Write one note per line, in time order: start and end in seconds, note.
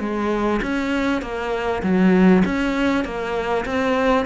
0.00 0.61 G#3
0.62 1.22 C#4
1.22 1.82 A#3
1.83 2.44 F#3
2.45 3.05 C#4
3.05 3.65 A#3
3.66 4.26 C4